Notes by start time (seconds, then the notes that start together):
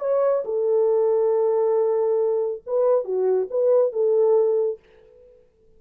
0.00 C#5
0.45 A4
2.66 B4
3.04 F#4
3.50 B4
3.92 A4